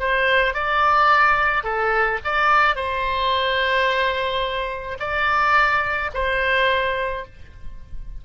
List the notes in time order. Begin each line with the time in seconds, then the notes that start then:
0.00 C5
0.54 D5
1.64 A4
2.25 D5
2.76 C5
5.00 D5
6.14 C5